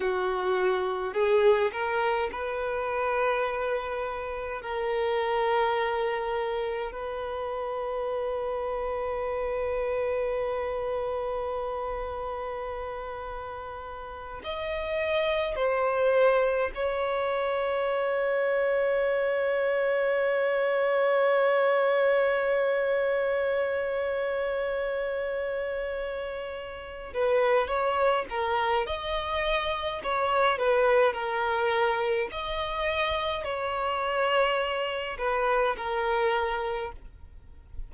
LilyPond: \new Staff \with { instrumentName = "violin" } { \time 4/4 \tempo 4 = 52 fis'4 gis'8 ais'8 b'2 | ais'2 b'2~ | b'1~ | b'8 dis''4 c''4 cis''4.~ |
cis''1~ | cis''2.~ cis''8 b'8 | cis''8 ais'8 dis''4 cis''8 b'8 ais'4 | dis''4 cis''4. b'8 ais'4 | }